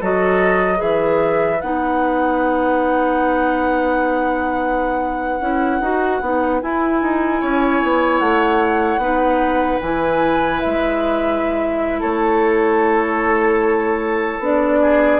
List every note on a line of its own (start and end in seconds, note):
0.00 0.81 F#3
0.00 0.76 F#4
0.00 0.77 A4
0.00 0.81 D#5
0.76 1.61 E3
0.76 1.56 G#4
0.76 7.37 B4
0.76 1.61 E5
1.61 5.40 B3
1.61 5.41 D#4
1.61 6.61 F#5
5.40 5.80 C#4
5.40 5.81 E4
5.80 6.20 D#4
5.80 6.21 F#4
6.21 6.61 B3
6.21 6.61 D#4
6.61 9.00 E4
6.61 7.02 E4
6.61 8.18 G#5
7.02 7.42 D#4
7.40 7.82 C#4
7.40 9.00 C#5
7.82 8.20 B3
8.18 8.97 A3
8.18 9.78 F#5
8.97 9.77 B3
8.97 9.80 D#4
8.97 11.99 B4
9.81 10.61 E3
9.81 14.42 E4
9.81 10.60 G#5
10.60 12.02 G#3
10.60 12.00 E5
11.99 14.39 A3
11.99 14.79 A4
11.99 14.41 C#5
14.39 15.19 B3
14.39 15.20 D4
14.39 15.20 D5
14.81 15.20 G#4